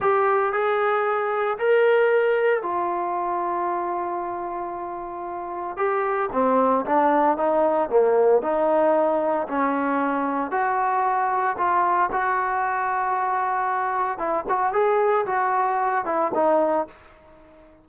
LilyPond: \new Staff \with { instrumentName = "trombone" } { \time 4/4 \tempo 4 = 114 g'4 gis'2 ais'4~ | ais'4 f'2.~ | f'2. g'4 | c'4 d'4 dis'4 ais4 |
dis'2 cis'2 | fis'2 f'4 fis'4~ | fis'2. e'8 fis'8 | gis'4 fis'4. e'8 dis'4 | }